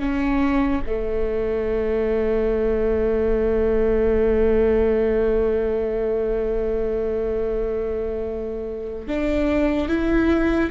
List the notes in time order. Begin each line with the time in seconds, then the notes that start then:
0.00 C#4
0.87 A3
9.08 D4
9.88 E4